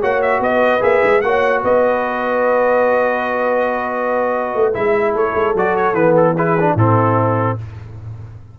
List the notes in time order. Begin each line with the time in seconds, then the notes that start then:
0.00 A#3 F#4 C#5 F#5
0.21 E5
0.39 B3 B4 D#5
0.80 A#3 G#4 E5
1.03 G#3
1.21 A#3 F#4 C#5 F#5
1.62 B3 B4 D#5
4.55 A3
4.73 G#3 E4 E5
5.11 A3 A4 C#5
5.34 G#3
5.54 F#3 F#4 D5
5.76 C#5
5.93 E3 B3 B4
6.16 A4
6.34 E4 G#4 B4
6.60 D4
6.75 A2 C4 E4 A4